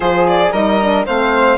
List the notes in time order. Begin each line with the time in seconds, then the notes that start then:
0.00 F3 F4 G#4 C5
0.27 D5
0.52 G3 D#4 A#4 D#5
0.81 D4
1.05 A3 C4 C5 F5